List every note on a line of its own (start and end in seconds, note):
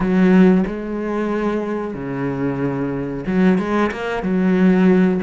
0.00 0.63 F#3
0.66 1.94 G#3
1.94 3.24 C#3
3.26 3.58 F#3
3.58 3.90 G#3
3.91 4.22 A#3
4.22 5.20 F#3